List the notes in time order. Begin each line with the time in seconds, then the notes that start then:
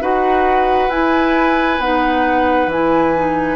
0.00 D#4 F#4 B4 F#5
0.88 E4 G#5
1.78 B3 D#4 F#5
2.66 E3 E4 G#5
3.15 D#4